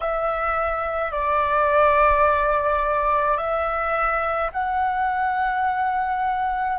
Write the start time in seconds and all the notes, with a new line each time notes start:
0.00 E5
1.11 D5
3.37 E5
4.52 F#5